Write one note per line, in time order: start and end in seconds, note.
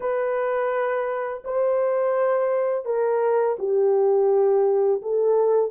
0.00 1.43 B4
1.44 2.85 C5
2.85 3.56 A#4
3.58 5.01 G4
5.02 5.70 A4